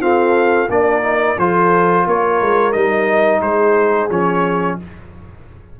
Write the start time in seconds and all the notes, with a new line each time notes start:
0.00 C4 F4 A4 F5
0.69 A#3 D4 A#4 D5
1.02 D#4
1.38 F3 F4 A4 C5
2.06 A#3 A#4 C#5
2.41 G#3
2.72 G3 D#4 D#5
3.40 G#3 G#4 C5
4.10 F3 C#4 C#5